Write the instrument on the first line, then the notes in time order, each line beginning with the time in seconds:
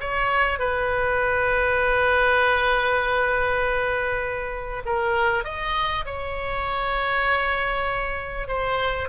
oboe
0.00 C#5
0.59 B4
4.85 A#4
5.44 D#5
6.05 C#5
8.48 C5